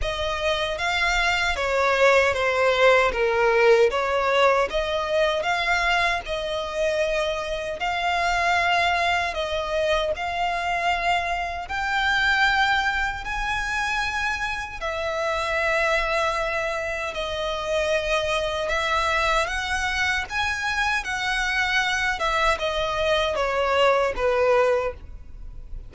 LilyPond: \new Staff \with { instrumentName = "violin" } { \time 4/4 \tempo 4 = 77 dis''4 f''4 cis''4 c''4 | ais'4 cis''4 dis''4 f''4 | dis''2 f''2 | dis''4 f''2 g''4~ |
g''4 gis''2 e''4~ | e''2 dis''2 | e''4 fis''4 gis''4 fis''4~ | fis''8 e''8 dis''4 cis''4 b'4 | }